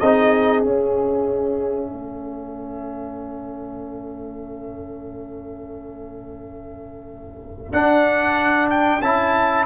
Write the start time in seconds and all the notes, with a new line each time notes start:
0.00 C4 D#4 G#4 D#5
0.63 C#4 E5
1.90 A3 A4
7.73 D4 F#5
8.71 G5
9.02 C#4 E4 A5